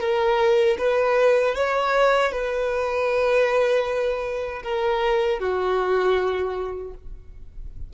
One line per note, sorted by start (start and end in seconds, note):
0.00 0.77 A#4
0.78 1.55 B4
1.55 2.31 C#5
2.31 4.62 B4
4.63 5.39 A#4
5.39 6.93 F#4